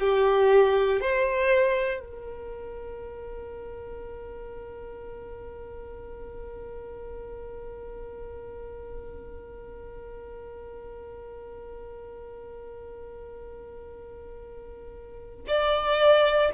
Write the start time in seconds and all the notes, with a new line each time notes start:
0.00 G4
1.01 C5
2.00 A#4
15.48 D5